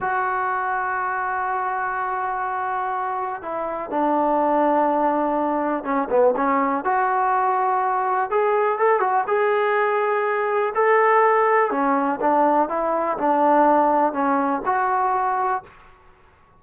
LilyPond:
\new Staff \with { instrumentName = "trombone" } { \time 4/4 \tempo 4 = 123 fis'1~ | fis'2. e'4 | d'1 | cis'8 b8 cis'4 fis'2~ |
fis'4 gis'4 a'8 fis'8 gis'4~ | gis'2 a'2 | cis'4 d'4 e'4 d'4~ | d'4 cis'4 fis'2 | }